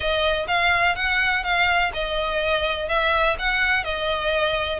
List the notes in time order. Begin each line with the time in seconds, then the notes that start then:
0.00 D#5
0.47 F5
0.95 F#5
1.43 F5
1.93 D#5
2.88 E5
3.39 F#5
3.84 D#5